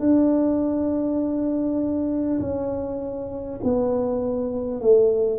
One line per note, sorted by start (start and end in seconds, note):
0.00 2.40 D4
2.40 3.60 C#4
3.64 4.81 B3
4.81 5.39 A3